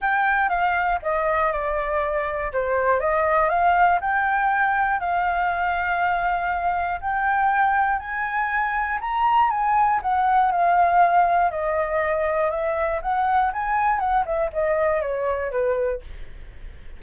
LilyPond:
\new Staff \with { instrumentName = "flute" } { \time 4/4 \tempo 4 = 120 g''4 f''4 dis''4 d''4~ | d''4 c''4 dis''4 f''4 | g''2 f''2~ | f''2 g''2 |
gis''2 ais''4 gis''4 | fis''4 f''2 dis''4~ | dis''4 e''4 fis''4 gis''4 | fis''8 e''8 dis''4 cis''4 b'4 | }